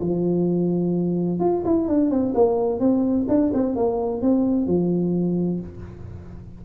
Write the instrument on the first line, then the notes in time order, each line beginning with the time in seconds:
tuba
0.00 F3
1.39 F4
1.65 E4
1.88 D4
2.10 C4
2.34 A#3
2.79 C4
3.28 D4
3.53 C4
3.75 A#3
4.21 C4
4.66 F3